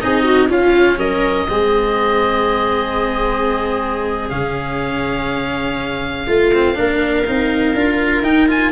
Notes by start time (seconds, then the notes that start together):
0.00 C4 D#4 G#4 D#5
0.24 F#4
0.49 C#4 F4 F5
0.97 F#3 A#4 D#5
1.49 G#3 C4 G#4
4.30 C#3 C#4 F5
6.27 A3 F4
6.54 C4
6.75 A#3 D4 A#4
7.26 C4 D#4
7.75 D4 F4
8.22 D#4 G5
8.48 F4 G#5